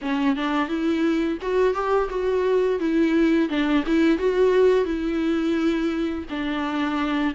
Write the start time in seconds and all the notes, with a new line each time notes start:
0.01 C#4
0.36 D4
0.68 E4
1.41 F#4
1.74 G4
2.09 F#4
2.79 E4
3.49 D4
3.86 E4
4.18 F#4
4.85 E4
6.29 D4